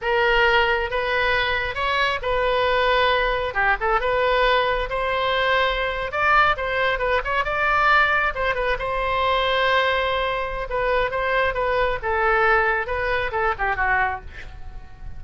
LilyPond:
\new Staff \with { instrumentName = "oboe" } { \time 4/4 \tempo 4 = 135 ais'2 b'2 | cis''4 b'2. | g'8 a'8 b'2 c''4~ | c''4.~ c''16 d''4 c''4 b'16~ |
b'16 cis''8 d''2 c''8 b'8 c''16~ | c''1 | b'4 c''4 b'4 a'4~ | a'4 b'4 a'8 g'8 fis'4 | }